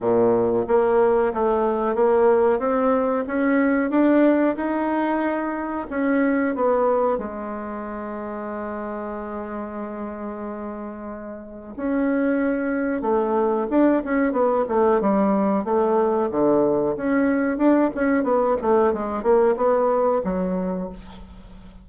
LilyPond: \new Staff \with { instrumentName = "bassoon" } { \time 4/4 \tempo 4 = 92 ais,4 ais4 a4 ais4 | c'4 cis'4 d'4 dis'4~ | dis'4 cis'4 b4 gis4~ | gis1~ |
gis2 cis'2 | a4 d'8 cis'8 b8 a8 g4 | a4 d4 cis'4 d'8 cis'8 | b8 a8 gis8 ais8 b4 fis4 | }